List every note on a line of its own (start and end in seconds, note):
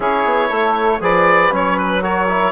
0.00 0.24 C#4
0.00 1.00 E4
0.00 0.48 G#4
0.00 1.02 C#5
0.24 0.50 B3
0.48 1.00 A3
0.48 0.99 A4
1.00 1.51 F3
1.00 1.51 G#4
1.00 2.02 B4
1.00 1.54 D5
1.51 2.51 F#3
1.51 2.01 C#4
1.51 1.78 C#5
1.78 2.03 B4
2.01 2.27 F#4
2.01 2.51 A#4
2.01 2.51 C#5
2.28 2.51 E4